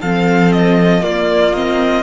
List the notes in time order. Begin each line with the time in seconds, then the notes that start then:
0.00 F3 C4 A4 F5
0.52 D#5
1.01 A#3 F4 D5
1.53 C4 D#5